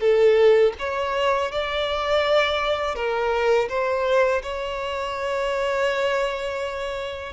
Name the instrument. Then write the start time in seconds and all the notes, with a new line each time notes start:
violin
0.00 A4
0.79 C#5
1.52 D5
2.95 A#4
3.69 C5
4.42 C#5